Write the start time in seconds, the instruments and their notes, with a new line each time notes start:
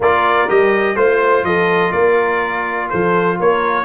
0.00 tuba A#3, trombone F4, horn A#4, trumpet D5
0.48 tuba G3, trombone G4, trumpet D#5
0.95 tuba A3, trombone F4, horn C5, trumpet C5
1.43 tuba F3, horn A4, trumpet D#5
1.92 tuba A#3, horn A#4, trumpet D5
2.89 tuba F3, horn A4, trumpet C5
3.38 tuba A#3, horn A#4, trumpet C#5